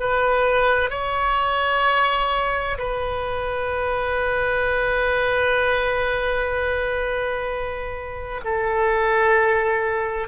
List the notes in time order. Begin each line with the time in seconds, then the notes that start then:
0.00 B4
0.90 C#5
2.78 B4
8.44 A4